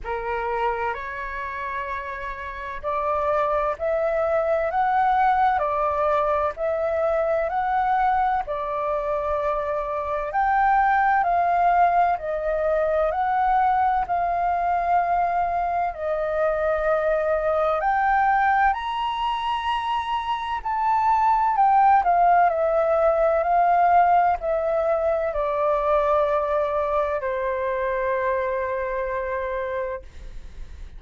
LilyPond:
\new Staff \with { instrumentName = "flute" } { \time 4/4 \tempo 4 = 64 ais'4 cis''2 d''4 | e''4 fis''4 d''4 e''4 | fis''4 d''2 g''4 | f''4 dis''4 fis''4 f''4~ |
f''4 dis''2 g''4 | ais''2 a''4 g''8 f''8 | e''4 f''4 e''4 d''4~ | d''4 c''2. | }